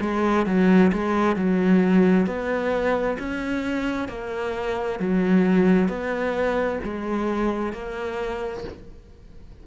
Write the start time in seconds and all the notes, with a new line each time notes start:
0.00 G#3
0.46 F#3
0.92 G#3
1.36 F#3
2.26 B3
3.19 C#4
4.08 A#3
5.00 F#3
5.88 B3
6.83 G#3
7.73 A#3